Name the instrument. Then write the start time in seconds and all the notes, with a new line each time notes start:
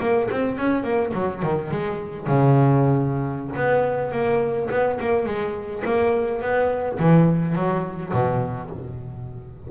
double bass
0.00 A#3
0.31 C4
0.58 C#4
0.84 A#3
1.14 F#3
1.42 D#3
1.71 G#3
2.27 C#3
3.56 B3
4.12 A#3
4.70 B3
5.00 A#3
5.25 G#3
5.85 A#3
6.41 B3
6.99 E3
7.55 F#3
8.13 B2